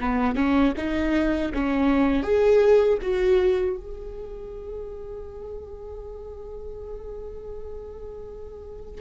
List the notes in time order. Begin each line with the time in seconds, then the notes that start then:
0.00 B3
0.35 C#4
0.77 D#4
1.54 C#4
2.23 G#4
3.02 F#4
3.76 G#4